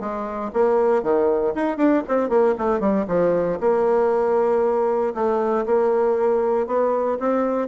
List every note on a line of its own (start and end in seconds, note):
0.00 0.51 G#3
0.54 1.03 A#3
1.03 1.54 D#3
1.55 1.77 D#4
1.77 2.03 D4
2.08 2.29 C4
2.29 2.55 A#3
2.59 2.80 A3
2.80 3.06 G3
3.08 3.59 F3
3.61 5.14 A#3
5.15 5.66 A3
5.66 6.67 A#3
6.67 7.19 B3
7.20 7.68 C4